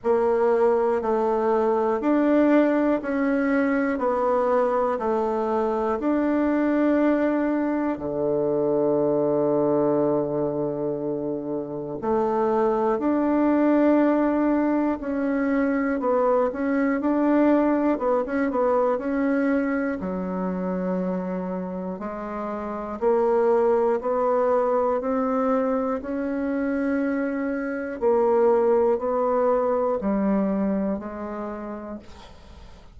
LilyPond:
\new Staff \with { instrumentName = "bassoon" } { \time 4/4 \tempo 4 = 60 ais4 a4 d'4 cis'4 | b4 a4 d'2 | d1 | a4 d'2 cis'4 |
b8 cis'8 d'4 b16 cis'16 b8 cis'4 | fis2 gis4 ais4 | b4 c'4 cis'2 | ais4 b4 g4 gis4 | }